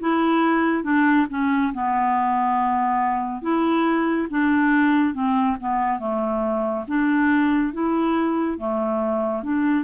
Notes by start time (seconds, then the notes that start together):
0.00 E4
0.84 D4
1.30 C#4
1.73 B3
3.42 E4
4.30 D4
5.14 C4
5.60 B3
5.99 A3
6.88 D4
7.73 E4
8.58 A3
9.43 D4